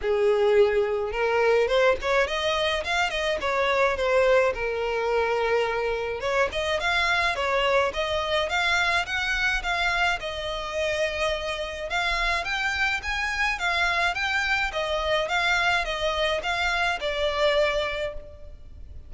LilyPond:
\new Staff \with { instrumentName = "violin" } { \time 4/4 \tempo 4 = 106 gis'2 ais'4 c''8 cis''8 | dis''4 f''8 dis''8 cis''4 c''4 | ais'2. cis''8 dis''8 | f''4 cis''4 dis''4 f''4 |
fis''4 f''4 dis''2~ | dis''4 f''4 g''4 gis''4 | f''4 g''4 dis''4 f''4 | dis''4 f''4 d''2 | }